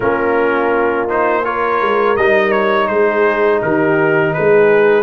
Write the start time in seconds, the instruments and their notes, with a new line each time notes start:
0.00 tuba A#3, trombone C#4, horn F4, trumpet A#4
1.08 trombone D#4, trumpet C5
1.44 trombone F4, horn A#4, trumpet C#5
1.80 tuba G#3
2.16 tuba G3, trombone D#4, trumpet D#5
2.51 trumpet C#5
2.87 tuba G#3, horn G#4, trumpet C5
3.62 tuba D#3, horn G4, trumpet A#4
4.33 tuba G#3, horn G#4, trumpet B4